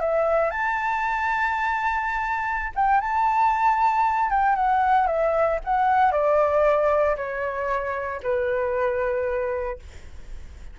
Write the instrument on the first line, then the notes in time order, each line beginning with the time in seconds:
flute
0.00 E5
0.50 A5
2.75 G5
3.00 A5
4.30 G5
4.56 F#5
5.07 E5
5.64 F#5
6.11 D5
7.16 C#5
8.23 B4